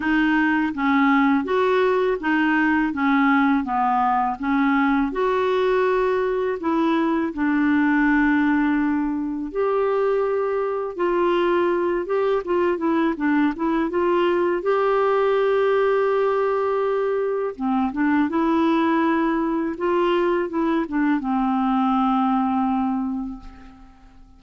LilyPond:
\new Staff \with { instrumentName = "clarinet" } { \time 4/4 \tempo 4 = 82 dis'4 cis'4 fis'4 dis'4 | cis'4 b4 cis'4 fis'4~ | fis'4 e'4 d'2~ | d'4 g'2 f'4~ |
f'8 g'8 f'8 e'8 d'8 e'8 f'4 | g'1 | c'8 d'8 e'2 f'4 | e'8 d'8 c'2. | }